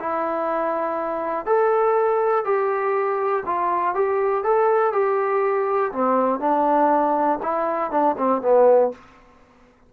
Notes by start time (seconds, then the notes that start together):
0.00 E4
1.46 A4
2.45 G4
3.46 F4
3.95 G4
4.44 A4
4.93 G4
5.92 C4
6.40 D4
7.43 E4
7.91 D4
8.18 C4
8.42 B3